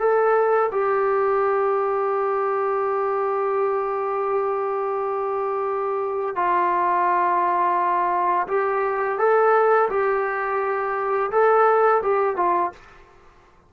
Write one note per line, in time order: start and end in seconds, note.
0.00 0.71 A4
0.72 6.36 G4
6.36 8.48 F4
8.48 9.19 G4
9.19 9.89 A4
9.90 11.31 G4
11.31 12.02 A4
12.03 12.37 G4
12.37 12.72 F4